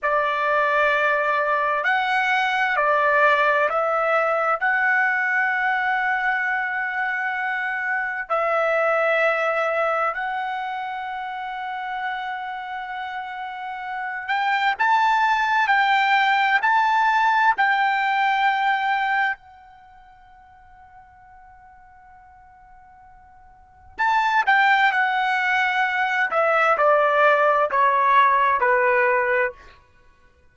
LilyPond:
\new Staff \with { instrumentName = "trumpet" } { \time 4/4 \tempo 4 = 65 d''2 fis''4 d''4 | e''4 fis''2.~ | fis''4 e''2 fis''4~ | fis''2.~ fis''8 g''8 |
a''4 g''4 a''4 g''4~ | g''4 fis''2.~ | fis''2 a''8 g''8 fis''4~ | fis''8 e''8 d''4 cis''4 b'4 | }